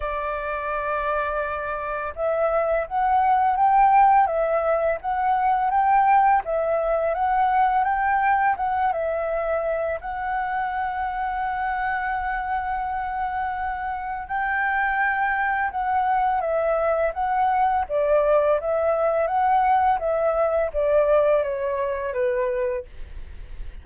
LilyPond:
\new Staff \with { instrumentName = "flute" } { \time 4/4 \tempo 4 = 84 d''2. e''4 | fis''4 g''4 e''4 fis''4 | g''4 e''4 fis''4 g''4 | fis''8 e''4. fis''2~ |
fis''1 | g''2 fis''4 e''4 | fis''4 d''4 e''4 fis''4 | e''4 d''4 cis''4 b'4 | }